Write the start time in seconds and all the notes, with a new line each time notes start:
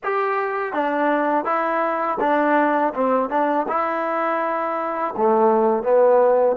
0.03 G4
0.73 D4
1.45 E4
2.20 D4
2.94 C4
3.29 D4
3.68 E4
5.16 A3
5.83 B3